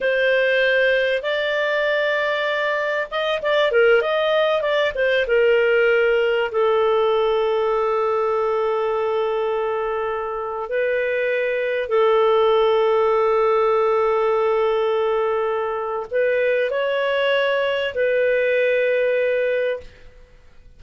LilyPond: \new Staff \with { instrumentName = "clarinet" } { \time 4/4 \tempo 4 = 97 c''2 d''2~ | d''4 dis''8 d''8 ais'8 dis''4 d''8 | c''8 ais'2 a'4.~ | a'1~ |
a'4~ a'16 b'2 a'8.~ | a'1~ | a'2 b'4 cis''4~ | cis''4 b'2. | }